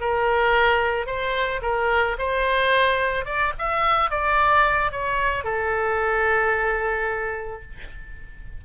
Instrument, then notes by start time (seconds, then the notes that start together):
oboe
0.00 A#4
1.06 C5
1.62 A#4
2.18 C5
3.25 D5
3.58 E5
4.10 D5
4.91 C#5
5.44 A4